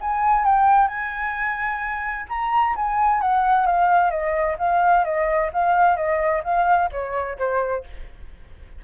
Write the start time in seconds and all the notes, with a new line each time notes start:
0.00 G#5
0.45 G5
0.87 G#5
2.29 A#5
2.75 G#5
3.21 F#5
3.66 F5
4.10 D#5
4.58 F5
5.04 D#5
5.52 F5
5.96 D#5
6.43 F5
6.91 C#5
7.38 C5